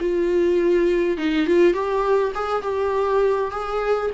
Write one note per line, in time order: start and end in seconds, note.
0.00 1.17 F4
1.17 1.46 D#4
1.46 1.73 F4
1.73 2.32 G4
2.34 2.62 G#4
2.62 3.51 G4
3.51 4.10 G#4